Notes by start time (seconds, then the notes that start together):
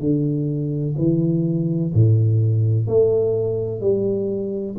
0.00 D3
0.98 E3
1.94 A2
2.87 A3
3.81 G3